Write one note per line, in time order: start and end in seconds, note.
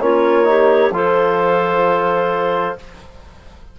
0.00 0.91 A#3
0.00 0.44 C#4
0.00 0.48 F4
0.00 0.92 C#5
0.44 0.90 D#4
0.44 0.94 G4
0.91 2.75 F3
0.91 2.78 F4
0.91 2.79 A4
0.91 2.79 C5